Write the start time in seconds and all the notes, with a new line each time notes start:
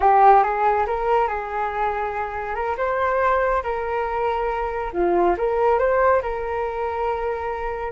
0.00 G4
0.43 G#4
0.86 A#4
1.27 G#4
2.55 A#4
2.77 C5
3.63 A#4
4.92 F4
5.37 A#4
5.78 C5
6.22 A#4